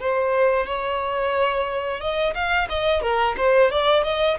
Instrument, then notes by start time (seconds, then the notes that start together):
violin
0.00 C5
0.66 C#5
2.00 D#5
2.34 F5
2.69 D#5
3.02 A#4
3.37 C5
3.70 D5
4.04 D#5